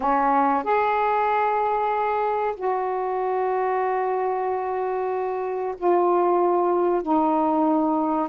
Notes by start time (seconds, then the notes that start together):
0.00 C#4
0.63 G#4
2.56 F#4
5.77 F4
7.02 D#4